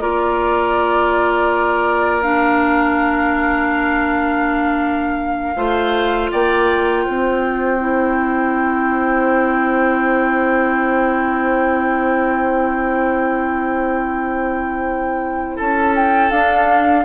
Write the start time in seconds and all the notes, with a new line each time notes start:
0.00 A#3 F4 A#4 D5
2.22 D4 F5
5.56 A3 F4 C5
6.31 A#3 D5 G5
7.04 C4 C5
7.79 E4
15.56 C#4 A4 A5
15.96 G5
16.31 D4 F5